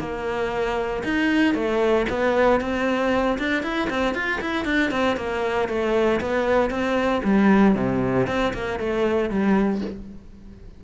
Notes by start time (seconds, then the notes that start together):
0.00 A#3
1.04 D#4
1.55 A3
2.10 B3
2.61 C4
3.39 D4
3.63 E4
3.90 C4
4.15 F4
4.41 E4
4.66 D4
4.91 C4
5.17 A#3
5.69 A3
6.21 B3
6.71 C4
7.24 G3
7.76 C3
8.28 C4
8.54 A#3
8.80 A3
9.30 G3